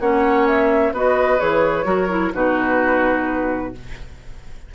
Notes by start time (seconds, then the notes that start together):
0.00 A#3 C#4 C#5 F#5
0.47 E5
0.92 B3 F#4 B4 D#5
1.39 E3 G#4 C#5
1.84 F#3 F#4 A#4
2.10 E4
2.34 B2 D#4 F#4 B4